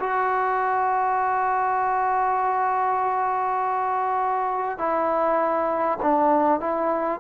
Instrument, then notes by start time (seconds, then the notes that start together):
trombone
0.00 F#4
4.78 E4
6.02 D4
6.60 E4